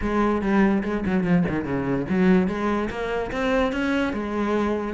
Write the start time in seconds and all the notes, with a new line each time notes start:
0.01 G#3
0.41 G3
0.83 G#3
1.06 F#3
1.23 F3
1.48 D#3
1.64 C#3
2.09 F#3
2.47 G#3
2.90 A#3
3.31 C4
3.72 C#4
4.13 G#3